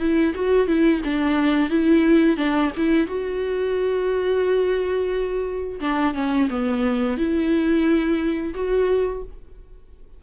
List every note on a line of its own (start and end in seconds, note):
0.00 0.34 E4
0.35 0.68 F#4
0.68 1.02 E4
1.04 1.70 D4
1.70 2.37 E4
2.37 2.71 D4
2.77 3.07 E4
3.07 5.80 F#4
5.80 6.14 D4
6.15 6.49 C#4
6.50 7.18 B3
7.18 8.54 E4
8.54 9.23 F#4